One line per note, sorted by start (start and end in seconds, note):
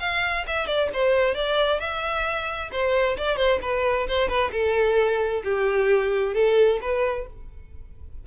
0.00 0.45 F5
0.47 0.67 E5
0.67 0.90 D5
0.94 1.35 C5
1.35 1.80 D5
1.80 2.71 E5
2.72 3.17 C5
3.18 3.37 D5
3.37 3.60 C5
3.62 4.07 B4
4.08 4.29 C5
4.29 4.51 B4
4.52 5.43 A4
5.44 6.34 G4
6.34 6.80 A4
6.81 7.27 B4